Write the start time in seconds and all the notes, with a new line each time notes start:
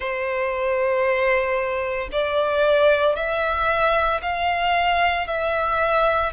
0.00 C5
2.11 D5
3.15 E5
4.22 F5
5.27 E5